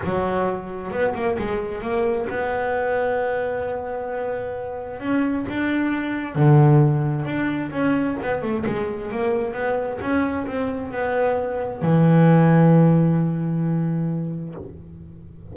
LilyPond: \new Staff \with { instrumentName = "double bass" } { \time 4/4 \tempo 4 = 132 fis2 b8 ais8 gis4 | ais4 b2.~ | b2. cis'4 | d'2 d2 |
d'4 cis'4 b8 a8 gis4 | ais4 b4 cis'4 c'4 | b2 e2~ | e1 | }